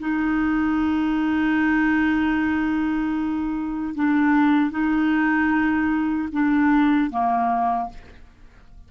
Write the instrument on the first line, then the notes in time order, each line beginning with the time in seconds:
clarinet
0.00 D#4
3.95 D4
4.71 D#4
6.32 D4
7.11 A#3